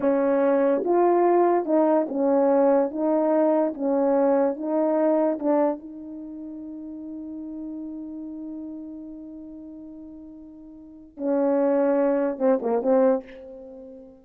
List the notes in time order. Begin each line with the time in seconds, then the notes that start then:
0.00 C#4
0.84 F4
1.65 D#4
2.08 C#4
2.90 D#4
3.74 C#4
4.56 D#4
5.39 D4
5.79 D#4
11.17 C#4
12.38 C4
12.62 A#3
12.82 C4